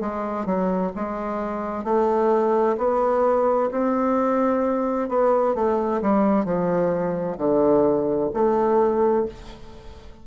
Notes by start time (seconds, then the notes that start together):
0.00 G#3
0.45 F#3
0.95 G#3
1.84 A3
2.77 B3
3.71 C4
5.09 B3
5.55 A3
6.01 G3
6.44 F3
7.37 D3
8.33 A3